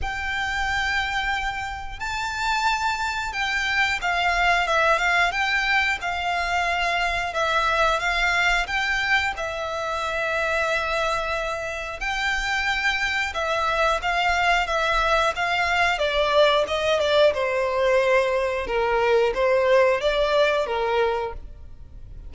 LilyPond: \new Staff \with { instrumentName = "violin" } { \time 4/4 \tempo 4 = 90 g''2. a''4~ | a''4 g''4 f''4 e''8 f''8 | g''4 f''2 e''4 | f''4 g''4 e''2~ |
e''2 g''2 | e''4 f''4 e''4 f''4 | d''4 dis''8 d''8 c''2 | ais'4 c''4 d''4 ais'4 | }